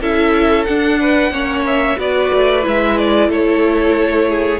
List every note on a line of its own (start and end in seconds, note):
0.00 0.66 C#4
0.00 0.66 E4
0.00 0.99 A4
0.00 0.64 E5
0.64 1.31 D4
0.64 1.30 D4
0.64 1.63 F#5
1.00 1.32 B4
1.30 1.96 A#3
1.30 1.96 C#4
1.30 1.98 C#5
1.66 1.99 E5
1.96 2.31 B3
1.96 2.62 F#4
1.96 3.29 B4
1.96 2.65 D5
2.33 2.66 A3
2.62 3.29 G#3
2.62 4.60 E4
2.62 2.98 E5
2.98 3.30 D5
3.29 4.60 A3
3.29 4.28 A4
3.29 4.60 C#5
4.28 4.60 G#4